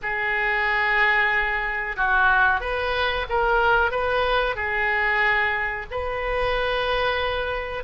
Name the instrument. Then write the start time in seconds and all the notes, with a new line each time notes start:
oboe
0.02 G#4
1.96 F#4
2.60 B4
3.29 A#4
3.91 B4
4.55 G#4
5.90 B4